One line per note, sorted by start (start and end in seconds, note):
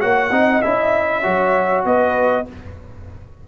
0.00 0.31 A#3
0.00 0.31 F#4
0.00 0.31 C#5
0.00 0.62 F#5
0.31 0.61 C4
0.31 0.63 D#4
0.31 1.24 D#5
0.62 1.26 C#4
0.62 1.23 E4
0.62 1.85 E5
1.23 1.85 F#3
1.23 2.46 F#4
1.23 1.85 C#5
1.85 2.47 B3
1.85 2.48 B4
1.85 2.47 D#5